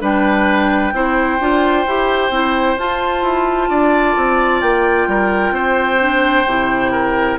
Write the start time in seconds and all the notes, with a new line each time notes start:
0.00 G3 D4 B4 G5
0.92 C4 E4 C5
1.39 D4 F4
1.86 E4 G4
2.30 C4 E4
2.77 F4 A5
3.22 E4
3.69 D4 D5
4.16 C4
4.61 A#3 G5
5.07 G3 A#4
5.51 C4 C5
5.99 D4
6.46 C3 E4
6.92 A#4